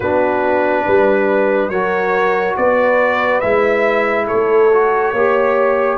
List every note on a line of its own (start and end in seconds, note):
0.00 0.85 B3
0.00 1.72 D4
0.00 0.84 F#4
0.00 1.69 B4
0.86 1.69 G3
0.86 1.70 B4
1.69 2.55 F#3
1.69 3.42 F#4
1.69 2.56 A#4
1.69 2.55 C#5
2.56 3.42 B3
2.56 4.26 B4
2.56 3.40 D5
3.40 4.29 G#3
3.40 4.71 E4
3.40 4.26 E5
4.26 5.11 A4
4.26 5.97 C#5
4.33 5.12 A3
4.72 5.15 F#4
5.12 5.97 A#3
5.12 5.97 G4
5.12 5.97 C#5